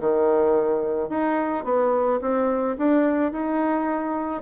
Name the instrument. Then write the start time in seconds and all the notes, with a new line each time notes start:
bassoon
0.00 D#3
1.09 D#4
1.64 B3
2.21 C4
2.78 D4
3.32 D#4